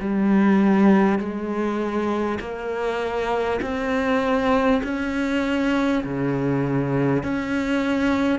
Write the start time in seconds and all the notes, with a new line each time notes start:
0.00 G3
1.19 G#3
2.40 A#3
3.62 C4
4.84 C#4
6.04 C#3
7.23 C#4